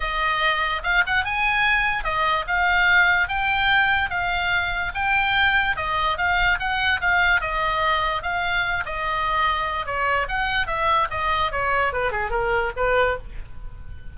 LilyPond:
\new Staff \with { instrumentName = "oboe" } { \time 4/4 \tempo 4 = 146 dis''2 f''8 fis''8 gis''4~ | gis''4 dis''4 f''2 | g''2 f''2 | g''2 dis''4 f''4 |
fis''4 f''4 dis''2 | f''4. dis''2~ dis''8 | cis''4 fis''4 e''4 dis''4 | cis''4 b'8 gis'8 ais'4 b'4 | }